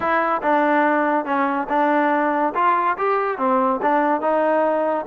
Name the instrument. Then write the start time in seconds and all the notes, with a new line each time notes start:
trombone
0.00 E4
0.42 D4
1.25 C#4
1.69 D4
2.54 F4
2.97 G4
3.38 C4
3.82 D4
4.21 D#4